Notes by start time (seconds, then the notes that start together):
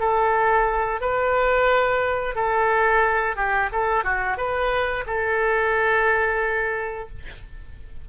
0.00 A4
1.01 B4
2.36 A4
3.36 G4
3.73 A4
4.04 F#4
4.38 B4
5.07 A4